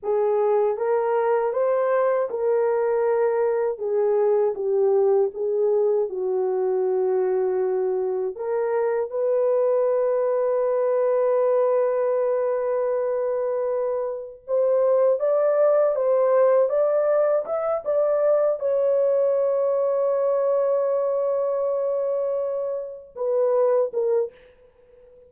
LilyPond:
\new Staff \with { instrumentName = "horn" } { \time 4/4 \tempo 4 = 79 gis'4 ais'4 c''4 ais'4~ | ais'4 gis'4 g'4 gis'4 | fis'2. ais'4 | b'1~ |
b'2. c''4 | d''4 c''4 d''4 e''8 d''8~ | d''8 cis''2.~ cis''8~ | cis''2~ cis''8 b'4 ais'8 | }